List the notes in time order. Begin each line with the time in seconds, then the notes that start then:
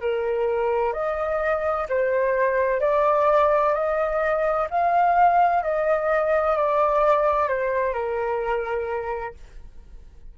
0.00 A#4
0.92 D#5
1.89 C5
2.80 D5
3.74 D#5
4.70 F5
5.63 D#5
6.56 D5
7.48 C5
7.93 A#4